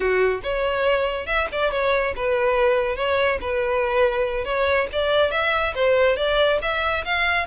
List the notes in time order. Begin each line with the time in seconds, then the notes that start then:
0.00 F#4
0.43 C#5
1.26 E5
1.52 D5
1.71 C#5
2.16 B4
2.96 C#5
3.40 B4
4.44 C#5
4.92 D5
5.31 E5
5.74 C5
6.16 D5
6.62 E5
7.04 F5